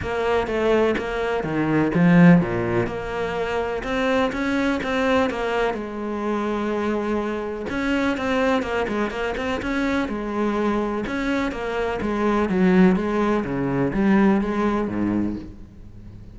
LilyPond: \new Staff \with { instrumentName = "cello" } { \time 4/4 \tempo 4 = 125 ais4 a4 ais4 dis4 | f4 ais,4 ais2 | c'4 cis'4 c'4 ais4 | gis1 |
cis'4 c'4 ais8 gis8 ais8 c'8 | cis'4 gis2 cis'4 | ais4 gis4 fis4 gis4 | cis4 g4 gis4 gis,4 | }